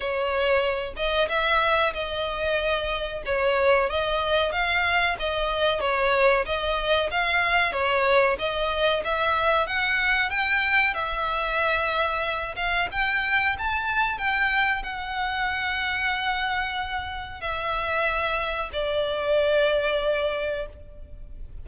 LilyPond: \new Staff \with { instrumentName = "violin" } { \time 4/4 \tempo 4 = 93 cis''4. dis''8 e''4 dis''4~ | dis''4 cis''4 dis''4 f''4 | dis''4 cis''4 dis''4 f''4 | cis''4 dis''4 e''4 fis''4 |
g''4 e''2~ e''8 f''8 | g''4 a''4 g''4 fis''4~ | fis''2. e''4~ | e''4 d''2. | }